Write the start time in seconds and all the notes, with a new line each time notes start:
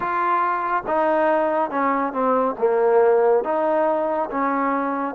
0.00 F4
0.86 D#4
1.70 C#4
2.12 C4
2.58 A#3
3.44 D#4
4.31 C#4